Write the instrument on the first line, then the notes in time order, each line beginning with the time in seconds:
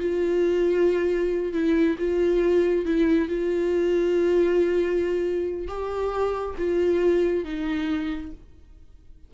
viola
0.00 F4
1.53 E4
1.99 F4
2.85 E4
3.28 F4
5.68 G4
6.58 F4
7.45 D#4